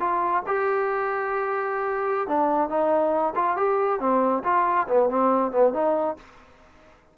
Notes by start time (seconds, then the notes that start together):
0.00 F4
0.47 G4
2.28 D4
2.69 D#4
3.35 F4
3.57 G4
4.00 C4
4.44 F4
4.88 B3
5.10 C4
5.52 B3
5.74 D#4